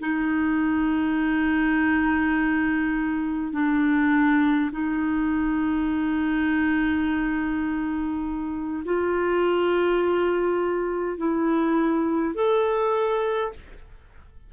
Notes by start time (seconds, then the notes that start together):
0.00 D#4
3.52 D4
4.72 D#4
8.84 F4
11.18 E4
12.35 A4